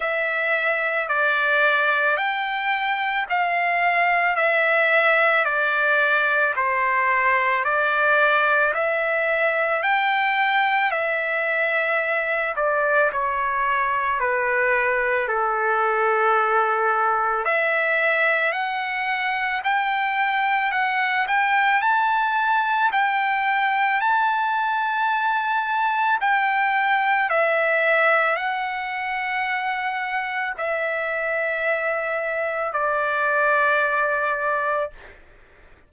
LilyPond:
\new Staff \with { instrumentName = "trumpet" } { \time 4/4 \tempo 4 = 55 e''4 d''4 g''4 f''4 | e''4 d''4 c''4 d''4 | e''4 g''4 e''4. d''8 | cis''4 b'4 a'2 |
e''4 fis''4 g''4 fis''8 g''8 | a''4 g''4 a''2 | g''4 e''4 fis''2 | e''2 d''2 | }